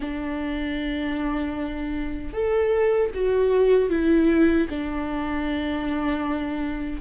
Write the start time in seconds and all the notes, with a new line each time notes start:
0.00 D4
2.33 A4
3.14 F#4
3.89 E4
4.69 D4